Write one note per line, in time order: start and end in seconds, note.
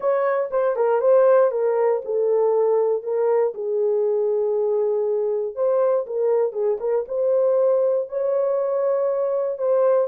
0.00 0.49 C#5
0.50 0.76 C5
0.76 1.00 A#4
1.00 1.51 C5
1.51 2.01 A#4
2.04 3.03 A4
3.03 3.53 A#4
3.54 5.55 G#4
5.55 6.05 C5
6.06 6.52 A#4
6.52 6.77 G#4
6.80 7.05 A#4
7.07 8.08 C5
8.08 9.58 C#5
9.58 10.08 C5